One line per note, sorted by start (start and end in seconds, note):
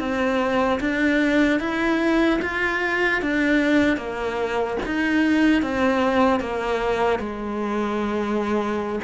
0.00 0.80 C4
0.80 1.60 D4
1.60 2.40 E4
2.42 3.22 F4
3.22 3.97 D4
3.97 4.77 A#3
4.86 5.63 D#4
5.63 6.40 C4
6.40 7.20 A#3
7.20 9.00 G#3